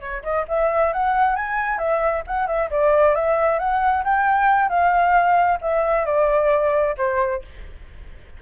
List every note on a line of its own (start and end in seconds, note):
0.00 0.22 C#5
0.23 0.45 D#5
0.48 0.93 E5
0.93 1.36 F#5
1.36 1.78 G#5
1.78 2.23 E5
2.27 2.47 F#5
2.47 2.69 E5
2.70 3.15 D5
3.15 3.59 E5
3.59 4.04 F#5
4.04 4.69 G5
4.69 5.58 F5
5.61 6.05 E5
6.05 6.95 D5
6.97 7.42 C5